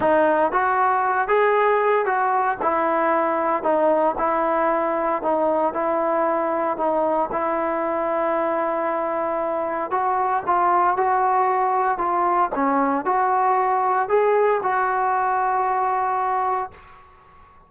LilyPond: \new Staff \with { instrumentName = "trombone" } { \time 4/4 \tempo 4 = 115 dis'4 fis'4. gis'4. | fis'4 e'2 dis'4 | e'2 dis'4 e'4~ | e'4 dis'4 e'2~ |
e'2. fis'4 | f'4 fis'2 f'4 | cis'4 fis'2 gis'4 | fis'1 | }